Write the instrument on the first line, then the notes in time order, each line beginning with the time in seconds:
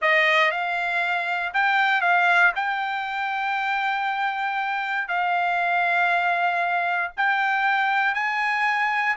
trumpet
0.01 D#5
0.51 F5
1.53 G5
2.01 F5
2.55 G5
5.07 F5
7.16 G5
8.14 G#5